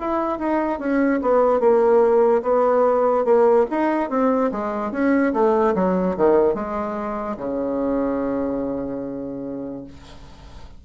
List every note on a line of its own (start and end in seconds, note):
0.00 0.39 E4
0.39 0.79 D#4
0.79 1.20 C#4
1.21 1.60 B3
1.60 2.42 A#3
2.42 3.25 B3
3.25 3.66 A#3
3.70 4.09 D#4
4.09 4.51 C4
4.51 4.91 G#3
4.91 5.32 C#4
5.33 5.74 A3
5.75 6.16 F#3
6.16 6.54 D#3
6.54 7.36 G#3
7.37 9.84 C#3